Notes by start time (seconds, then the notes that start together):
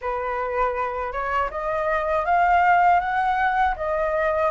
0.01 B4
1.12 C#5
1.50 D#5
2.25 F5
3.00 F#5
3.76 D#5